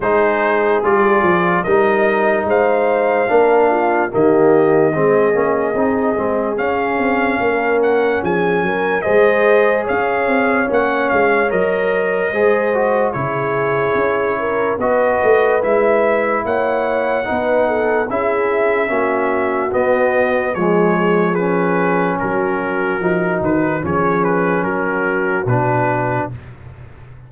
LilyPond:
<<
  \new Staff \with { instrumentName = "trumpet" } { \time 4/4 \tempo 4 = 73 c''4 d''4 dis''4 f''4~ | f''4 dis''2. | f''4. fis''8 gis''4 dis''4 | f''4 fis''8 f''8 dis''2 |
cis''2 dis''4 e''4 | fis''2 e''2 | dis''4 cis''4 b'4 ais'4~ | ais'8 b'8 cis''8 b'8 ais'4 b'4 | }
  \new Staff \with { instrumentName = "horn" } { \time 4/4 gis'2 ais'4 c''4 | ais'8 f'8 g'4 gis'2~ | gis'4 ais'4 gis'8 ais'8 c''4 | cis''2. c''4 |
gis'4. ais'8 b'2 | cis''4 b'8 a'8 gis'4 fis'4~ | fis'4 gis'2 fis'4~ | fis'4 gis'4 fis'2 | }
  \new Staff \with { instrumentName = "trombone" } { \time 4/4 dis'4 f'4 dis'2 | d'4 ais4 c'8 cis'8 dis'8 c'8 | cis'2. gis'4~ | gis'4 cis'4 ais'4 gis'8 fis'8 |
e'2 fis'4 e'4~ | e'4 dis'4 e'4 cis'4 | b4 gis4 cis'2 | dis'4 cis'2 d'4 | }
  \new Staff \with { instrumentName = "tuba" } { \time 4/4 gis4 g8 f8 g4 gis4 | ais4 dis4 gis8 ais8 c'8 gis8 | cis'8 c'8 ais4 f8 fis8 gis4 | cis'8 c'8 ais8 gis8 fis4 gis4 |
cis4 cis'4 b8 a8 gis4 | ais4 b4 cis'4 ais4 | b4 f2 fis4 | f8 dis8 f4 fis4 b,4 | }
>>